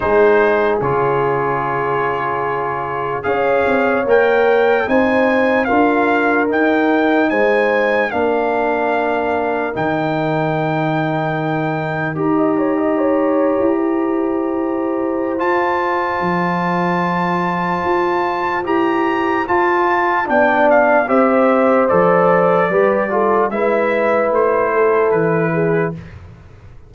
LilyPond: <<
  \new Staff \with { instrumentName = "trumpet" } { \time 4/4 \tempo 4 = 74 c''4 cis''2. | f''4 g''4 gis''4 f''4 | g''4 gis''4 f''2 | g''2. ais''4~ |
ais''2. a''4~ | a''2. ais''4 | a''4 g''8 f''8 e''4 d''4~ | d''4 e''4 c''4 b'4 | }
  \new Staff \with { instrumentName = "horn" } { \time 4/4 gis'1 | cis''2 c''4 ais'4~ | ais'4 c''4 ais'2~ | ais'2.~ ais'16 dis''16 cis''16 dis''16 |
cis''4 c''2.~ | c''1~ | c''4 d''4 c''2 | b'8 a'8 b'4. a'4 gis'8 | }
  \new Staff \with { instrumentName = "trombone" } { \time 4/4 dis'4 f'2. | gis'4 ais'4 dis'4 f'4 | dis'2 d'2 | dis'2. g'4~ |
g'2. f'4~ | f'2. g'4 | f'4 d'4 g'4 a'4 | g'8 f'8 e'2. | }
  \new Staff \with { instrumentName = "tuba" } { \time 4/4 gis4 cis2. | cis'8 c'8 ais4 c'4 d'4 | dis'4 gis4 ais2 | dis2. dis'4~ |
dis'8. e'2~ e'16 f'4 | f2 f'4 e'4 | f'4 b4 c'4 f4 | g4 gis4 a4 e4 | }
>>